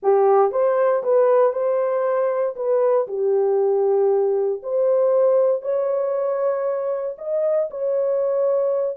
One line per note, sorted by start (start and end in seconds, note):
0.02 0.51 G4
0.51 1.03 C5
1.03 1.52 B4
1.52 2.55 C5
2.55 3.07 B4
3.07 4.61 G4
4.62 5.62 C5
5.62 7.16 C#5
7.18 7.69 D#5
7.70 8.96 C#5